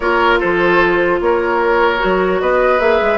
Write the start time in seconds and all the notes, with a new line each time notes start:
0.00 A#3 F4 A#4 C#5
0.39 F3 A4 C5
1.20 A#3 A#4 C#5
1.99 F#3 F#4
2.41 B3 B4 D#5
2.78 A#3 G#4 E5
3.00 G#3